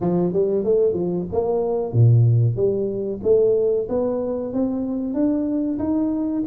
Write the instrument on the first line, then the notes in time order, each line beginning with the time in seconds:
tuba
0.00 F3
0.32 G3
0.64 A3
0.93 F3
1.32 A#3
1.92 A#2
2.55 G3
3.23 A3
3.88 B3
4.53 C4
5.13 D4
5.79 D#4